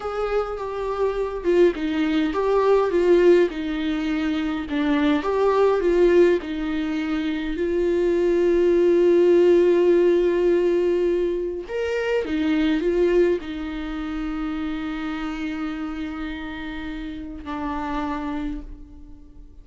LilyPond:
\new Staff \with { instrumentName = "viola" } { \time 4/4 \tempo 4 = 103 gis'4 g'4. f'8 dis'4 | g'4 f'4 dis'2 | d'4 g'4 f'4 dis'4~ | dis'4 f'2.~ |
f'1 | ais'4 dis'4 f'4 dis'4~ | dis'1~ | dis'2 d'2 | }